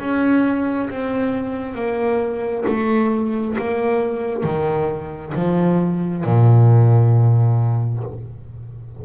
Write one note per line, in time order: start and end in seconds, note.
0.00 0.90 C#4
0.90 1.75 C4
1.75 2.65 A#3
2.67 3.57 A3
3.58 4.44 A#3
4.44 5.33 D#3
5.35 6.24 F3
6.25 8.04 A#2